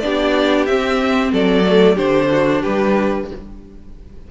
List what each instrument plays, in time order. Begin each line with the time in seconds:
0.00 cello B3, viola D4, violin G4 D5
0.65 viola C4, cello C4, violin E5
1.32 cello F#3, violin A4 D5
1.63 viola A3
1.95 cello D3, viola D4, violin G4 C5
2.32 violin F#4
2.60 cello G3, violin G4 B4